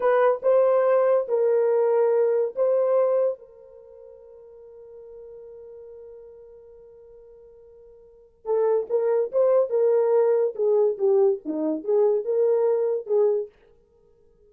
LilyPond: \new Staff \with { instrumentName = "horn" } { \time 4/4 \tempo 4 = 142 b'4 c''2 ais'4~ | ais'2 c''2 | ais'1~ | ais'1~ |
ais'1 | a'4 ais'4 c''4 ais'4~ | ais'4 gis'4 g'4 dis'4 | gis'4 ais'2 gis'4 | }